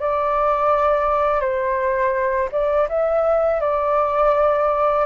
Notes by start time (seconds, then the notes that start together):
0.00 D5
1.41 C5
2.52 D5
2.89 E5
3.61 D5